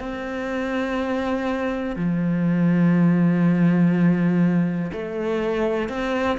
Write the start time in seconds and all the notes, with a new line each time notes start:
0.00 C4
1.96 F3
4.93 A3
5.89 C4